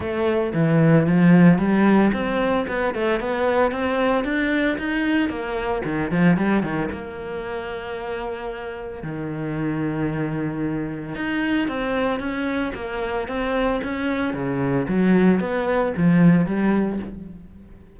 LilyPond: \new Staff \with { instrumentName = "cello" } { \time 4/4 \tempo 4 = 113 a4 e4 f4 g4 | c'4 b8 a8 b4 c'4 | d'4 dis'4 ais4 dis8 f8 | g8 dis8 ais2.~ |
ais4 dis2.~ | dis4 dis'4 c'4 cis'4 | ais4 c'4 cis'4 cis4 | fis4 b4 f4 g4 | }